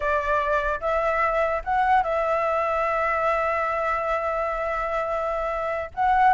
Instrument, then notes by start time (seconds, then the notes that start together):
flute
0.00 D5
0.80 E5
1.64 F#5
2.03 E5
5.94 F#5